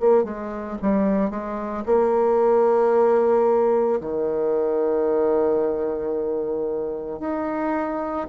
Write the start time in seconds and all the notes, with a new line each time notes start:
0.00 A#3
0.24 G#3
0.82 G3
1.31 G#3
1.86 A#3
4.00 D#3
7.20 D#4